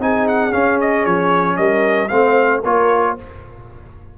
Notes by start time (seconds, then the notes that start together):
0.00 C4 D#4 G#4 G#5
0.28 F#5
0.52 C#4 F5
0.81 D#5
1.06 F3 C#5
1.57 G3 A#4 D#5
2.09 A3 C4 C5 F5
2.63 A#3 F4 A#4 C#5